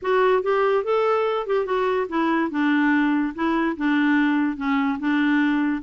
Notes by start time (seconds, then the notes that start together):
0.02 F#4
0.42 G4
0.84 A4
1.46 G4
1.65 F#4
2.09 E4
2.50 D4
3.34 E4
3.76 D4
4.56 C#4
4.99 D4